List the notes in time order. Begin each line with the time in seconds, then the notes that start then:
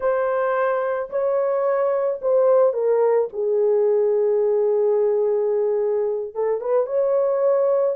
0.00 C5
1.09 C#5
2.21 C5
2.73 A#4
3.33 G#4
6.34 A4
6.61 B4
6.86 C#5